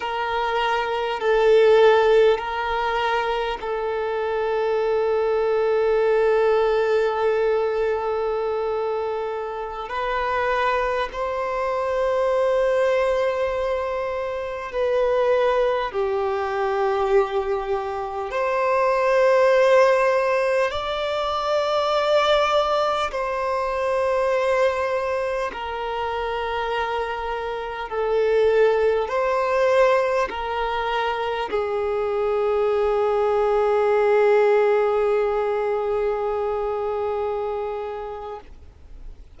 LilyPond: \new Staff \with { instrumentName = "violin" } { \time 4/4 \tempo 4 = 50 ais'4 a'4 ais'4 a'4~ | a'1~ | a'16 b'4 c''2~ c''8.~ | c''16 b'4 g'2 c''8.~ |
c''4~ c''16 d''2 c''8.~ | c''4~ c''16 ais'2 a'8.~ | a'16 c''4 ais'4 gis'4.~ gis'16~ | gis'1 | }